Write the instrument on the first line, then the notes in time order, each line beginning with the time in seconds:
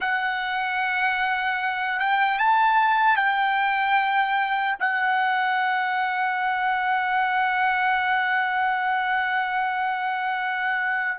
trumpet
0.00 F#5
1.99 G5
2.38 A5
3.16 G5
4.79 F#5